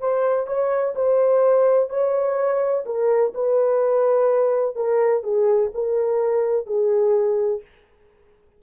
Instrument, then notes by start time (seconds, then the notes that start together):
horn
0.00 C5
0.47 C#5
0.95 C5
1.90 C#5
2.86 A#4
3.34 B4
4.76 A#4
5.23 G#4
5.74 A#4
6.66 G#4